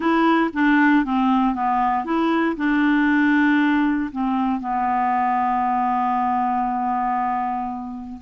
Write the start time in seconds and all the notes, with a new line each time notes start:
0.00 E4
0.53 D4
1.04 C4
1.54 B3
2.04 E4
2.56 D4
4.11 C4
4.60 B3